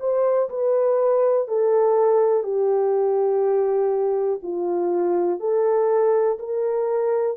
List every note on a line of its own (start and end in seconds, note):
0.00 0.49 C5
0.50 1.48 B4
1.48 2.44 A4
2.44 4.40 G4
4.43 5.41 F4
5.41 6.39 A4
6.39 7.38 A#4